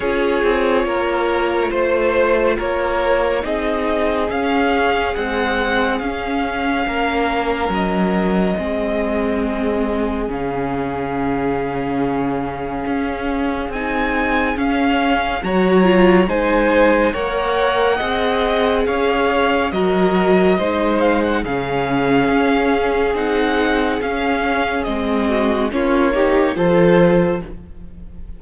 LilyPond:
<<
  \new Staff \with { instrumentName = "violin" } { \time 4/4 \tempo 4 = 70 cis''2 c''4 cis''4 | dis''4 f''4 fis''4 f''4~ | f''4 dis''2. | f''1 |
gis''4 f''4 ais''4 gis''4 | fis''2 f''4 dis''4~ | dis''8 f''16 fis''16 f''2 fis''4 | f''4 dis''4 cis''4 c''4 | }
  \new Staff \with { instrumentName = "violin" } { \time 4/4 gis'4 ais'4 c''4 ais'4 | gis'1 | ais'2 gis'2~ | gis'1~ |
gis'2 cis''4 c''4 | cis''4 dis''4 cis''4 ais'4 | c''4 gis'2.~ | gis'4. fis'8 f'8 g'8 a'4 | }
  \new Staff \with { instrumentName = "viola" } { \time 4/4 f'1 | dis'4 cis'4 gis4 cis'4~ | cis'2 c'2 | cis'1 |
dis'4 cis'4 fis'8 f'8 dis'4 | ais'4 gis'2 fis'4 | dis'4 cis'2 dis'4 | cis'4 c'4 cis'8 dis'8 f'4 | }
  \new Staff \with { instrumentName = "cello" } { \time 4/4 cis'8 c'8 ais4 a4 ais4 | c'4 cis'4 c'4 cis'4 | ais4 fis4 gis2 | cis2. cis'4 |
c'4 cis'4 fis4 gis4 | ais4 c'4 cis'4 fis4 | gis4 cis4 cis'4 c'4 | cis'4 gis4 ais4 f4 | }
>>